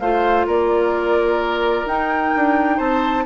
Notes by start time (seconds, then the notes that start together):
0.00 A3 F4 C5 F5
0.47 A#3 A#4 D5
1.86 D#4 G5
2.36 D4
2.77 C4 C5 A5